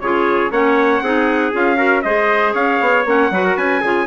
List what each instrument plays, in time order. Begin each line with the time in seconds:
0.00 bassoon C#3, clarinet F4, trumpet G#4 C#5
0.51 bassoon A#3, clarinet C#4, trumpet C#5 F#5
1.01 bassoon C4, clarinet D#4, trumpet G#4
1.52 bassoon C#4, clarinet F4, trumpet F5
1.77 clarinet F#4, trumpet A#4
2.02 bassoon G#3, clarinet G#4, trumpet C5 D#5
2.54 bassoon C#4, trumpet C#5 F5
2.81 bassoon B3
3.05 bassoon A#3, clarinet C#4, trumpet F#5
3.31 bassoon F#3, clarinet F#4, trumpet B4
3.44 trumpet A#4
3.57 bassoon C#4, trumpet B4 G#5
3.81 bassoon C#3, clarinet F4, trumpet G#4